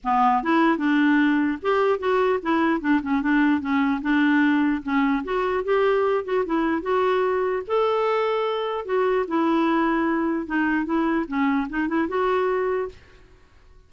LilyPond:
\new Staff \with { instrumentName = "clarinet" } { \time 4/4 \tempo 4 = 149 b4 e'4 d'2 | g'4 fis'4 e'4 d'8 cis'8 | d'4 cis'4 d'2 | cis'4 fis'4 g'4. fis'8 |
e'4 fis'2 a'4~ | a'2 fis'4 e'4~ | e'2 dis'4 e'4 | cis'4 dis'8 e'8 fis'2 | }